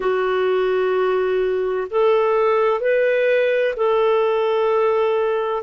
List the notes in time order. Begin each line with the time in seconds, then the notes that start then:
0.00 F#4
1.90 A4
2.80 B4
3.76 A4